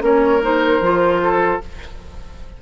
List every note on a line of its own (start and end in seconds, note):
0.00 0.79 A#3
0.00 0.39 C#4
0.00 1.21 A#4
0.00 0.43 C#5
0.42 0.81 D#4
0.42 1.61 C5
0.81 1.59 F3
0.81 1.60 F4
1.23 1.62 A4